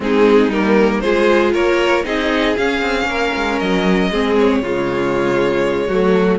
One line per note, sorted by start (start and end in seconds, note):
0.00 0.48 G#3
0.00 0.51 C4
0.00 1.03 D#4
0.00 0.51 G#4
0.48 0.99 G3
0.48 1.02 A#3
0.48 1.00 A#4
1.00 1.54 G#3
1.00 2.04 F4
1.00 1.53 G#4
1.00 1.51 C5
1.53 2.04 A#3
1.53 2.04 A#4
1.53 2.05 C#5
2.04 2.56 C4
2.04 2.55 D#4
2.04 3.07 G#4
2.04 2.56 D#5
2.56 2.81 C#4
2.56 4.11 C#4
2.56 3.59 F5
2.81 3.05 C4
3.05 3.30 A#3
3.05 4.10 A#4
3.35 3.60 G#3
3.59 4.10 F#3
3.59 4.36 D#5
4.10 4.61 G#3
4.10 4.63 C4
4.10 4.62 G#4
4.38 6.38 C#5
4.61 5.88 C#3
4.61 5.91 G#3
4.61 5.87 F4
5.87 6.38 F#3
5.87 6.38 A3
5.87 6.38 F#4